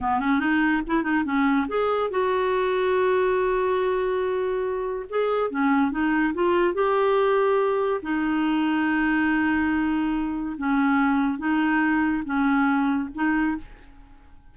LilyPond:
\new Staff \with { instrumentName = "clarinet" } { \time 4/4 \tempo 4 = 142 b8 cis'8 dis'4 e'8 dis'8 cis'4 | gis'4 fis'2.~ | fis'1 | gis'4 cis'4 dis'4 f'4 |
g'2. dis'4~ | dis'1~ | dis'4 cis'2 dis'4~ | dis'4 cis'2 dis'4 | }